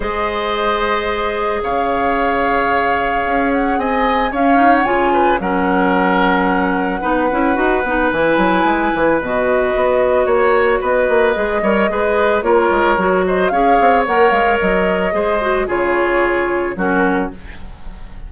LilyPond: <<
  \new Staff \with { instrumentName = "flute" } { \time 4/4 \tempo 4 = 111 dis''2. f''4~ | f''2~ f''8 fis''8 gis''4 | f''8. fis''16 gis''4 fis''2~ | fis''2. gis''4~ |
gis''4 dis''2 cis''4 | dis''2. cis''4~ | cis''8 dis''8 f''4 fis''8 f''8 dis''4~ | dis''4 cis''2 ais'4 | }
  \new Staff \with { instrumentName = "oboe" } { \time 4/4 c''2. cis''4~ | cis''2. dis''4 | cis''4. b'8 ais'2~ | ais'4 b'2.~ |
b'2. cis''4 | b'4. cis''8 b'4 ais'4~ | ais'8 c''8 cis''2. | c''4 gis'2 fis'4 | }
  \new Staff \with { instrumentName = "clarinet" } { \time 4/4 gis'1~ | gis'1 | cis'8 dis'8 f'4 cis'2~ | cis'4 dis'8 e'8 fis'8 dis'8 e'4~ |
e'4 fis'2.~ | fis'4 gis'8 ais'8 gis'4 f'4 | fis'4 gis'4 ais'2 | gis'8 fis'8 f'2 cis'4 | }
  \new Staff \with { instrumentName = "bassoon" } { \time 4/4 gis2. cis4~ | cis2 cis'4 c'4 | cis'4 cis4 fis2~ | fis4 b8 cis'8 dis'8 b8 e8 fis8 |
gis8 e8 b,4 b4 ais4 | b8 ais8 gis8 g8 gis4 ais8 gis8 | fis4 cis'8 c'8 ais8 gis8 fis4 | gis4 cis2 fis4 | }
>>